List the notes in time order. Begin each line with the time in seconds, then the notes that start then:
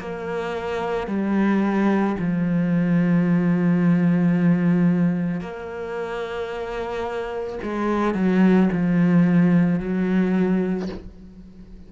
0.00 A#3
1.07 G3
2.19 F3
5.41 A#3
7.63 G#3
8.15 F#3
8.72 F3
9.80 F#3